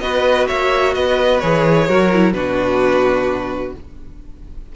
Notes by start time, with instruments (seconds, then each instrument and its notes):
0.00 cello B3, viola F#4, violin B4 D#5
0.48 cello A#3, violin C#5 E5
0.94 cello B3, violin B4 D#5
1.40 cello E3, viola G#4, violin C#5
1.87 cello F#3, viola F#4, violin A#4
2.13 viola E4
2.33 cello B2, viola D4, violin F#4 B4